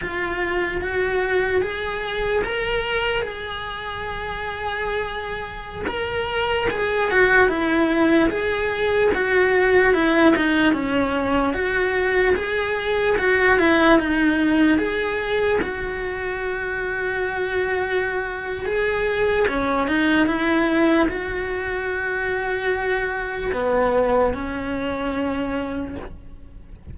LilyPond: \new Staff \with { instrumentName = "cello" } { \time 4/4 \tempo 4 = 74 f'4 fis'4 gis'4 ais'4 | gis'2.~ gis'16 ais'8.~ | ais'16 gis'8 fis'8 e'4 gis'4 fis'8.~ | fis'16 e'8 dis'8 cis'4 fis'4 gis'8.~ |
gis'16 fis'8 e'8 dis'4 gis'4 fis'8.~ | fis'2. gis'4 | cis'8 dis'8 e'4 fis'2~ | fis'4 b4 cis'2 | }